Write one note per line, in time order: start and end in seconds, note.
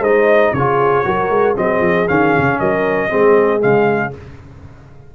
0.00 0.51 G#3
0.00 0.56 D#4
0.00 0.53 C5
0.00 0.54 D#5
0.54 1.05 C#3
0.54 1.05 F4
0.54 1.06 G#4
0.54 1.57 C#5
1.05 1.30 F#3
1.05 1.56 F#4
1.05 1.57 A#4
1.30 1.56 G#3
1.56 1.80 F#3
1.56 2.07 C4
1.56 2.60 G#4
1.56 2.08 D#5
1.80 2.06 F3
2.08 2.36 D#3
2.08 3.10 C#4
2.08 2.60 F5
2.38 2.60 C#3
2.60 3.12 F#3
2.60 3.10 A#4
2.60 3.62 D#5
3.10 3.64 G#3
3.10 3.60 C4
3.10 4.12 G#4
3.60 4.15 C#3
3.60 4.11 G#3
3.60 4.14 F5